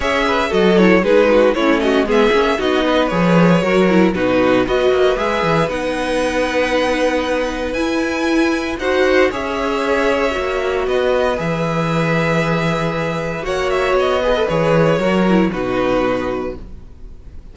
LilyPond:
<<
  \new Staff \with { instrumentName = "violin" } { \time 4/4 \tempo 4 = 116 e''4 dis''8 cis''8 b'4 cis''8 dis''8 | e''4 dis''4 cis''2 | b'4 dis''4 e''4 fis''4~ | fis''2. gis''4~ |
gis''4 fis''4 e''2~ | e''4 dis''4 e''2~ | e''2 fis''8 e''8 dis''4 | cis''2 b'2 | }
  \new Staff \with { instrumentName = "violin" } { \time 4/4 cis''8 b'8 a'4 gis'8 fis'8 e'8 fis'8 | gis'4 fis'8 b'4. ais'4 | fis'4 b'2.~ | b'1~ |
b'4 c''4 cis''2~ | cis''4 b'2.~ | b'2 cis''4. b'8~ | b'4 ais'4 fis'2 | }
  \new Staff \with { instrumentName = "viola" } { \time 4/4 gis'4 fis'8 e'8 dis'4 cis'4 | b8 cis'8 dis'4 gis'4 fis'8 e'8 | dis'4 fis'4 gis'4 dis'4~ | dis'2. e'4~ |
e'4 fis'4 gis'2 | fis'2 gis'2~ | gis'2 fis'4. gis'16 a'16 | gis'4 fis'8 e'8 dis'2 | }
  \new Staff \with { instrumentName = "cello" } { \time 4/4 cis'4 fis4 gis4 a4 | gis8 ais8 b4 f4 fis4 | b,4 b8 ais8 gis8 e8 b4~ | b2. e'4~ |
e'4 dis'4 cis'2 | ais4 b4 e2~ | e2 ais4 b4 | e4 fis4 b,2 | }
>>